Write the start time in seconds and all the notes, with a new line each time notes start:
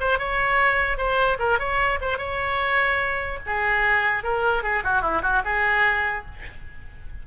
0.00 C5
0.18 C#5
0.97 C5
1.38 A#4
1.59 C#5
2.01 C5
2.17 C#5
3.46 G#4
4.23 A#4
4.63 G#4
4.83 F#4
5.01 E4
5.22 F#4
5.44 G#4